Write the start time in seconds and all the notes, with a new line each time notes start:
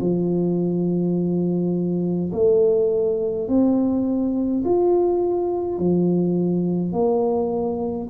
0.00 F3
2.32 A3
3.48 C4
4.65 F4
5.78 F3
6.92 A#3